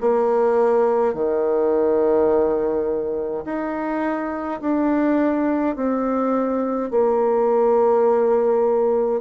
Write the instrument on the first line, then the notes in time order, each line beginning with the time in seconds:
bassoon
0.00 A#3
1.14 D#3
3.45 D#4
4.60 D4
5.75 C4
6.90 A#3